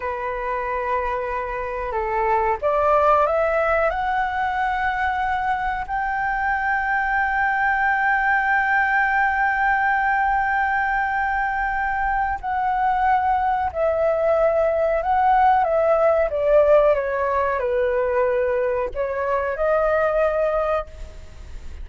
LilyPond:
\new Staff \with { instrumentName = "flute" } { \time 4/4 \tempo 4 = 92 b'2. a'4 | d''4 e''4 fis''2~ | fis''4 g''2.~ | g''1~ |
g''2. fis''4~ | fis''4 e''2 fis''4 | e''4 d''4 cis''4 b'4~ | b'4 cis''4 dis''2 | }